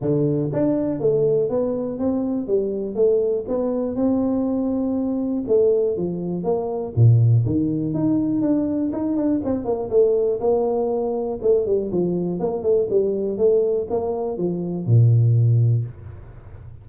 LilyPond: \new Staff \with { instrumentName = "tuba" } { \time 4/4 \tempo 4 = 121 d4 d'4 a4 b4 | c'4 g4 a4 b4 | c'2. a4 | f4 ais4 ais,4 dis4 |
dis'4 d'4 dis'8 d'8 c'8 ais8 | a4 ais2 a8 g8 | f4 ais8 a8 g4 a4 | ais4 f4 ais,2 | }